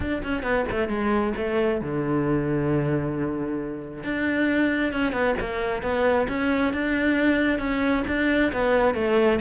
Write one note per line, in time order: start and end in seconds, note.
0.00 0.23 D4
0.23 0.42 C#4
0.42 0.65 B3
0.70 0.88 A3
0.88 1.33 G#3
1.36 1.81 A3
1.81 4.03 D3
4.03 4.92 D4
4.92 5.12 C#4
5.12 5.34 B3
5.40 5.82 A#3
5.82 6.27 B3
6.28 6.73 C#4
6.73 7.59 D4
7.59 8.03 C#4
8.07 8.52 D4
8.52 8.94 B3
8.94 9.39 A3